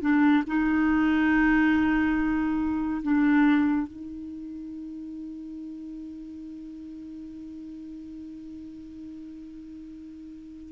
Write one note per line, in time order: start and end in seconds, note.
0.00 0.43 D4
0.47 3.02 D#4
3.02 3.87 D4
3.87 10.72 D#4